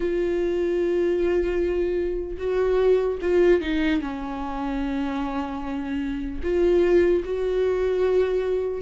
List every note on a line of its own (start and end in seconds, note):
0.00 2.37 F4
2.38 3.18 F#4
3.21 3.61 F4
3.61 4.01 D#4
4.01 6.41 C#4
6.43 7.23 F4
7.24 8.81 F#4